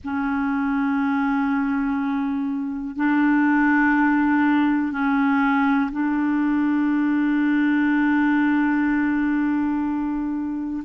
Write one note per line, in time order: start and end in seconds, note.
0.04 2.96 C#4
2.96 4.92 D4
4.92 5.90 C#4
5.91 10.83 D4